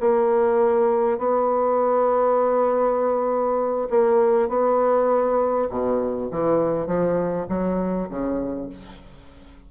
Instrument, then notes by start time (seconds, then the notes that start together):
bassoon
0.00 A#3
1.18 B3
3.89 A#3
4.49 B3
5.70 B2
6.31 E3
6.86 F3
7.49 F#3
8.09 C#3